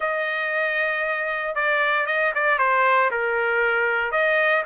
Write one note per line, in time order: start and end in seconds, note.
0.00 1.55 D#5
1.55 2.06 D5
2.06 2.32 D#5
2.34 2.58 D5
2.58 3.10 C5
3.10 4.11 A#4
4.11 4.63 D#5